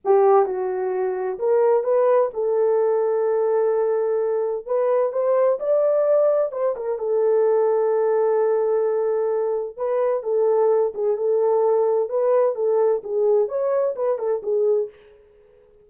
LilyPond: \new Staff \with { instrumentName = "horn" } { \time 4/4 \tempo 4 = 129 g'4 fis'2 ais'4 | b'4 a'2.~ | a'2 b'4 c''4 | d''2 c''8 ais'8 a'4~ |
a'1~ | a'4 b'4 a'4. gis'8 | a'2 b'4 a'4 | gis'4 cis''4 b'8 a'8 gis'4 | }